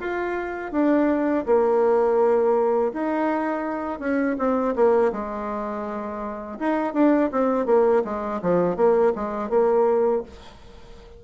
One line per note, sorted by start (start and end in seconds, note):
0.00 0.73 F4
0.73 1.46 D4
1.47 2.93 A#3
2.94 4.00 D#4
4.00 4.37 C#4
4.39 4.76 C4
4.76 5.13 A#3
5.13 6.60 G#3
6.60 6.94 D#4
6.94 7.31 D4
7.32 7.67 C4
7.67 8.03 A#3
8.05 8.41 G#3
8.42 8.77 F3
8.77 9.13 A#3
9.16 9.50 G#3
9.50 10.23 A#3